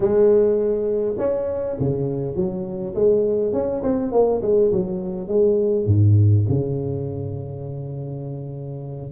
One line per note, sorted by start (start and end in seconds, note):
0.00 1.15 G#3
1.18 1.76 C#4
1.79 2.35 C#3
2.35 2.94 F#3
2.94 3.52 G#3
3.52 3.82 C#4
3.82 4.12 C4
4.12 4.41 A#3
4.42 4.71 G#3
4.71 5.28 F#3
5.28 5.86 G#3
5.86 6.45 G#2
6.48 9.12 C#3